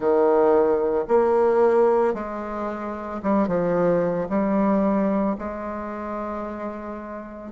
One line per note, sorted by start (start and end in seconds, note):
0.00 1.05 D#3
1.08 2.14 A#3
2.14 3.21 G#3
3.22 3.47 G3
3.47 4.28 F3
4.29 5.36 G3
5.38 7.52 G#3